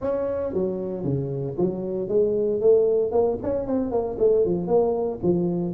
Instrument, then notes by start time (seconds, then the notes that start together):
tuba
0.01 C#4
0.53 F#3
1.04 C#3
1.57 F#3
2.08 G#3
2.60 A3
3.11 A#3
3.42 C#4
3.66 C4
3.91 A#3
4.19 A3
4.45 F3
4.67 A#3
5.22 F3